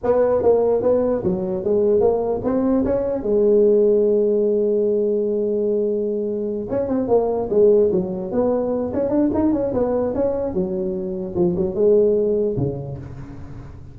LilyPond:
\new Staff \with { instrumentName = "tuba" } { \time 4/4 \tempo 4 = 148 b4 ais4 b4 fis4 | gis4 ais4 c'4 cis'4 | gis1~ | gis1~ |
gis8 cis'8 c'8 ais4 gis4 fis8~ | fis8 b4. cis'8 d'8 dis'8 cis'8 | b4 cis'4 fis2 | f8 fis8 gis2 cis4 | }